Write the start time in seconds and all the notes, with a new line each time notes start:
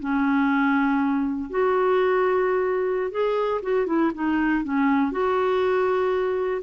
0.00 C#4
1.50 F#4
3.11 G#4
3.62 F#4
3.87 E4
4.14 D#4
4.64 C#4
5.12 F#4